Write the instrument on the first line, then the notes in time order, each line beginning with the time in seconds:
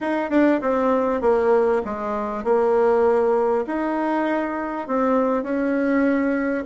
bassoon
0.00 D#4
0.30 D4
0.61 C4
1.21 A#3
1.84 G#3
2.44 A#3
3.66 D#4
4.87 C4
5.43 C#4